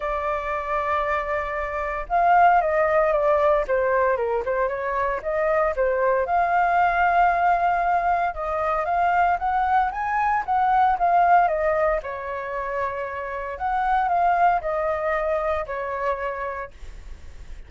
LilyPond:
\new Staff \with { instrumentName = "flute" } { \time 4/4 \tempo 4 = 115 d''1 | f''4 dis''4 d''4 c''4 | ais'8 c''8 cis''4 dis''4 c''4 | f''1 |
dis''4 f''4 fis''4 gis''4 | fis''4 f''4 dis''4 cis''4~ | cis''2 fis''4 f''4 | dis''2 cis''2 | }